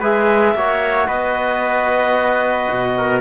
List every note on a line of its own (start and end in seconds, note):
0.00 0.54 G#3
0.00 0.56 G#4
0.00 0.53 B4
0.00 1.07 E5
0.54 1.07 A#3
0.54 3.21 F#4
0.54 1.07 C#5
1.07 2.68 B3
1.07 2.93 B4
1.07 3.20 D#5
2.70 3.21 B2
2.97 3.21 A#4